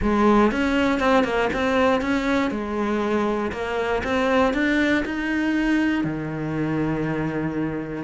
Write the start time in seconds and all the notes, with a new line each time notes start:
0.02 G#3
0.51 C#4
0.99 C4
1.24 A#3
1.53 C4
2.01 C#4
2.50 G#3
3.52 A#3
4.03 C4
4.53 D4
5.05 D#4
6.04 D#3